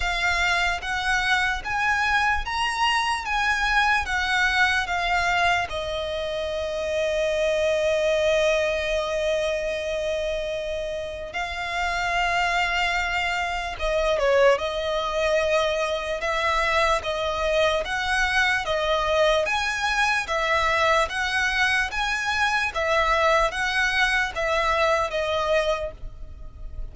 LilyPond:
\new Staff \with { instrumentName = "violin" } { \time 4/4 \tempo 4 = 74 f''4 fis''4 gis''4 ais''4 | gis''4 fis''4 f''4 dis''4~ | dis''1~ | dis''2 f''2~ |
f''4 dis''8 cis''8 dis''2 | e''4 dis''4 fis''4 dis''4 | gis''4 e''4 fis''4 gis''4 | e''4 fis''4 e''4 dis''4 | }